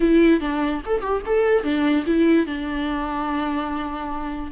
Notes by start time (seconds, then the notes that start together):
0.00 E4
0.40 D4
0.85 A4
1.01 G4
1.25 A4
1.63 D4
2.06 E4
2.46 D4